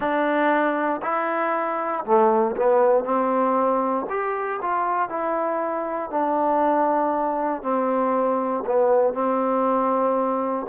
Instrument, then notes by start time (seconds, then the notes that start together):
trombone
0.00 D4
1.02 E4
2.04 A3
2.56 B3
3.04 C4
4.09 G4
4.61 F4
5.08 E4
6.10 D4
7.62 C4
8.66 B3
9.13 C4